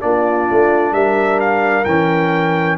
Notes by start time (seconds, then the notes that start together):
0.00 A#3 D4 F4 D5
0.50 A3
0.92 G3 A#4 E5
1.40 F5
1.84 E3 C#4 G5